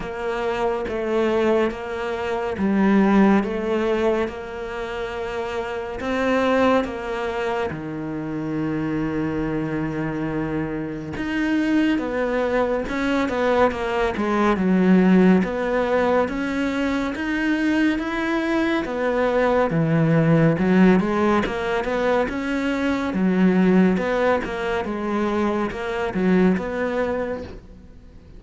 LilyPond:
\new Staff \with { instrumentName = "cello" } { \time 4/4 \tempo 4 = 70 ais4 a4 ais4 g4 | a4 ais2 c'4 | ais4 dis2.~ | dis4 dis'4 b4 cis'8 b8 |
ais8 gis8 fis4 b4 cis'4 | dis'4 e'4 b4 e4 | fis8 gis8 ais8 b8 cis'4 fis4 | b8 ais8 gis4 ais8 fis8 b4 | }